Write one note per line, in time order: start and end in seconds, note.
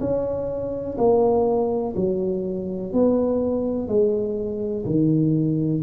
0.00 0.97 C#4
0.98 1.94 A#3
1.96 2.93 F#3
2.93 3.88 B3
3.88 4.85 G#3
4.86 5.82 D#3